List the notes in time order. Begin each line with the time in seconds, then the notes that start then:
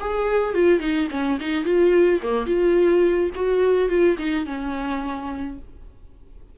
0.00 G#4
0.54 F4
0.80 D#4
1.11 C#4
1.40 D#4
1.64 F4
2.23 A#3
2.46 F4
3.35 F#4
3.89 F4
4.18 D#4
4.46 C#4